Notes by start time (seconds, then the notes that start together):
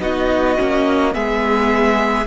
0.00 B3 D#4 F#4 D#5
0.58 A#3 C#4
1.13 G#3 B3 G#4 E5